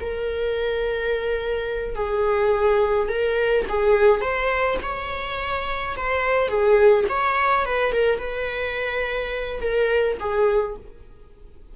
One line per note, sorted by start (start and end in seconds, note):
0.00 1.95 A#4
1.95 3.08 G#4
3.08 3.65 A#4
3.69 4.21 G#4
4.21 4.77 C5
4.82 5.96 C#5
5.96 6.48 C5
6.48 7.04 G#4
7.09 7.65 C#5
7.65 7.92 B4
7.92 8.18 A#4
8.18 9.60 B4
9.61 10.18 A#4
10.19 10.76 G#4